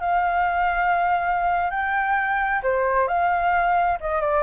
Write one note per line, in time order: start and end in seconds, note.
0.00 1.70 F5
1.71 2.62 G5
2.63 3.08 C5
3.08 3.99 F5
4.00 4.21 D#5
4.21 4.43 D5